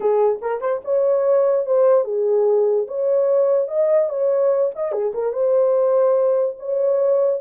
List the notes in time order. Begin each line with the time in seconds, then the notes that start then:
0.00 G#4
0.41 A#4
0.60 C5
0.84 C#5
1.66 C5
2.04 G#4
2.87 C#5
3.68 D#5
4.09 C#5
4.75 D#5
4.92 G#4
5.14 A#4
5.32 C5
6.59 C#5